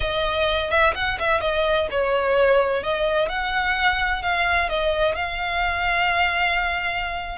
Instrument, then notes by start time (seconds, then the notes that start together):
violin
0.00 D#5
0.70 E5
0.95 F#5
1.19 E5
1.41 D#5
1.90 C#5
2.83 D#5
3.28 F#5
4.22 F5
4.69 D#5
5.15 F5